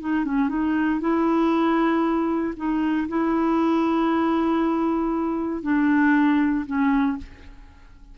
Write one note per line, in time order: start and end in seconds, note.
0.00 0.25 D#4
0.25 0.49 C#4
0.49 1.00 D#4
1.00 2.54 E4
2.56 3.08 D#4
3.08 5.62 E4
5.62 6.65 D4
6.66 7.17 C#4